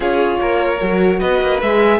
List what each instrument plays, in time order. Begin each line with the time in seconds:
0.00 cello C#4, horn F4, violin G#4 C#5
0.40 cello A#3, violin A#4
0.81 cello F#3, horn F#4
1.19 cello B3, violin B4 D#5
1.42 cello A#3
1.61 cello G#3, horn G#4, violin E5